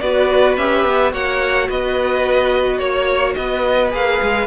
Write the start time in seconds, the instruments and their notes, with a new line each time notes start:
0.00 cello B3, viola F#4, violin B4 D5
0.58 cello C#4, viola G4, violin E5
0.85 cello B3
1.11 cello A#3, viola F#4, violin C#5 F#5
1.69 cello B3, violin B4 D#5
2.79 cello A#3, violin C#5
3.35 cello B3, violin B4 D#5
3.91 cello A#3, viola G#4, violin F5
4.22 cello G#3